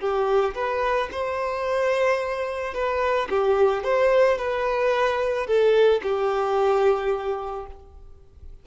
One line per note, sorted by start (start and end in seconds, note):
0.00 0.55 G4
0.55 1.09 B4
1.11 2.74 C5
2.74 3.28 B4
3.30 3.84 G4
3.84 4.38 C5
4.38 5.47 B4
5.47 6.01 A4
6.03 7.66 G4